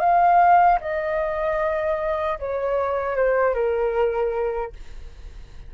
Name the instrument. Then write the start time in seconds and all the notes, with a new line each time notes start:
flute
0.00 F5
0.81 D#5
2.39 C#5
3.16 C5
3.54 A#4